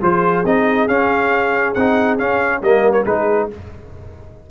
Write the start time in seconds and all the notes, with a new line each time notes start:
0.00 F3 F4 G#4 C5
0.45 C4 D#4 D#5
0.88 C#4 F5
1.74 C4 D#4 F#5
2.18 C#4 F5
2.62 G3 A#3 A#4 D#5
2.92 C#5
3.03 G#3 D#4 G#4 B4